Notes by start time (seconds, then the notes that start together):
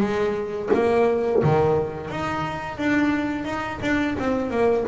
0.00 G#3
0.73 A#3
1.43 D#3
2.10 D#4
2.77 D4
3.44 D#4
3.82 D4
4.18 C4
4.50 A#3